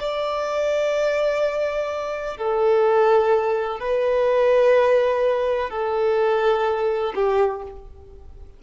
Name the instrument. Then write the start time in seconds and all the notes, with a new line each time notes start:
violin
0.00 D5
2.37 A4
3.80 B4
5.70 A4
7.15 G4